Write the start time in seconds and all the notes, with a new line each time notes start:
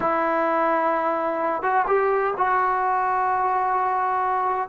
0.00 E4
1.62 F#4
1.87 G4
2.37 F#4